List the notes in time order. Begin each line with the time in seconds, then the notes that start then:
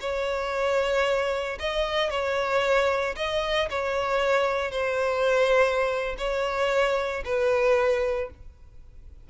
0.00 C#5
1.59 D#5
2.10 C#5
3.16 D#5
3.70 C#5
4.71 C5
6.18 C#5
7.24 B4